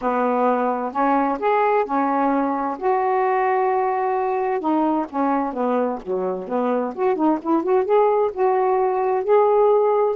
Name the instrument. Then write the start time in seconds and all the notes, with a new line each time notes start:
saxophone
0.01 B3
0.91 C#4
1.39 G#4
1.85 C#4
2.78 F#4
4.60 D#4
5.09 C#4
5.53 B3
6.02 F#3
6.47 B3
6.95 F#4
7.15 D#4
7.41 E4
7.63 F#4
7.84 G#4
8.33 F#4
9.23 G#4